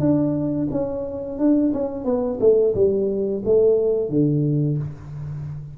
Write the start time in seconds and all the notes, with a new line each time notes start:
0.00 D4
0.71 C#4
1.39 D4
1.73 C#4
2.05 B3
2.40 A3
2.75 G3
3.45 A3
4.09 D3